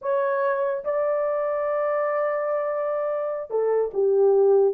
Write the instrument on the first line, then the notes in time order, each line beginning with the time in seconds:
horn
0.01 C#5
0.84 D5
3.50 A4
3.93 G4